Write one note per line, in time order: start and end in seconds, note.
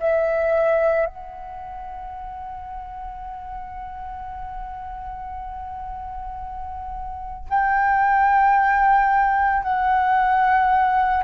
0.00 1.06 E5
1.06 7.49 F#5
7.49 9.63 G5
9.63 11.24 F#5